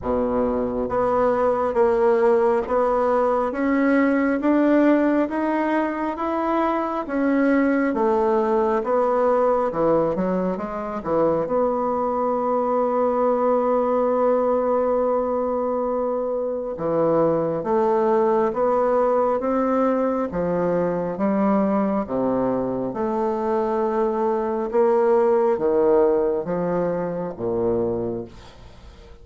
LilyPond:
\new Staff \with { instrumentName = "bassoon" } { \time 4/4 \tempo 4 = 68 b,4 b4 ais4 b4 | cis'4 d'4 dis'4 e'4 | cis'4 a4 b4 e8 fis8 | gis8 e8 b2.~ |
b2. e4 | a4 b4 c'4 f4 | g4 c4 a2 | ais4 dis4 f4 ais,4 | }